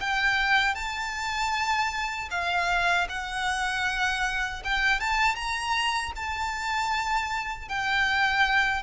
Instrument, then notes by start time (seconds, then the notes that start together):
violin
0.00 G5
0.75 A5
2.30 F5
3.09 F#5
4.64 G5
5.00 A5
5.35 A#5
6.15 A5
7.69 G5